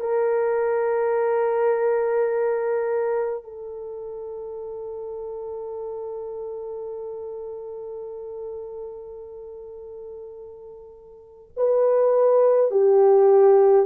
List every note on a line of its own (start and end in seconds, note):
0.00 3.44 A#4
3.44 11.51 A4
11.56 12.71 B4
12.71 13.86 G4